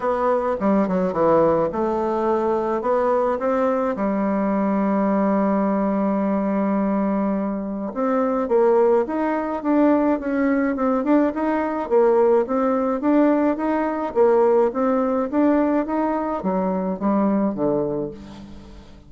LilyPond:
\new Staff \with { instrumentName = "bassoon" } { \time 4/4 \tempo 4 = 106 b4 g8 fis8 e4 a4~ | a4 b4 c'4 g4~ | g1~ | g2 c'4 ais4 |
dis'4 d'4 cis'4 c'8 d'8 | dis'4 ais4 c'4 d'4 | dis'4 ais4 c'4 d'4 | dis'4 fis4 g4 d4 | }